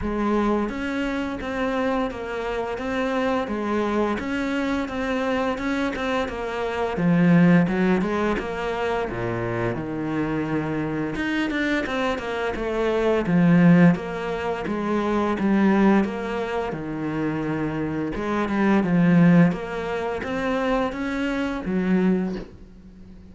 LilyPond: \new Staff \with { instrumentName = "cello" } { \time 4/4 \tempo 4 = 86 gis4 cis'4 c'4 ais4 | c'4 gis4 cis'4 c'4 | cis'8 c'8 ais4 f4 fis8 gis8 | ais4 ais,4 dis2 |
dis'8 d'8 c'8 ais8 a4 f4 | ais4 gis4 g4 ais4 | dis2 gis8 g8 f4 | ais4 c'4 cis'4 fis4 | }